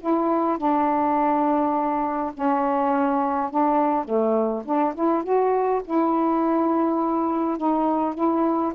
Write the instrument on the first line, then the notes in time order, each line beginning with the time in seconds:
saxophone
0.00 E4
0.57 D4
2.34 C#4
3.50 D4
4.04 A3
4.65 D4
4.94 E4
5.23 F#4
5.85 E4
7.57 D#4
8.14 E4